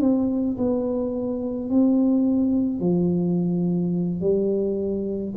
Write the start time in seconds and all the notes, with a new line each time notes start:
0.00 C4
0.57 B3
1.69 C4
2.79 F3
4.20 G3